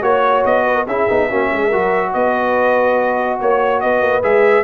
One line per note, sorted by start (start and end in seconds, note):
0.00 0.44 A#3
0.00 0.85 F#4
0.00 0.63 C#5
0.00 0.44 C#5
0.44 0.86 B3
0.44 0.87 D#5
0.66 0.75 B4
0.75 0.85 A#4
0.86 1.07 C#4
0.86 1.09 E4
0.86 1.29 G#4
0.86 2.13 E5
1.09 1.30 B3
1.09 1.30 D#4
1.29 1.51 A#3
1.29 1.72 C#4
1.29 1.50 F#4
1.52 1.73 G#3
1.52 1.67 G#4
1.67 4.22 F#4
1.67 2.09 A#4
1.73 2.14 F#3
2.13 3.40 B3
2.13 3.39 B4
2.13 3.39 D#5
3.39 3.83 A#3
3.39 3.81 C#5
3.39 3.80 C#5
3.80 4.01 B3
3.80 4.64 B4
3.80 4.22 D#5
4.01 4.22 A#3
4.22 4.64 G#3
4.22 4.64 G#4
4.22 4.64 E5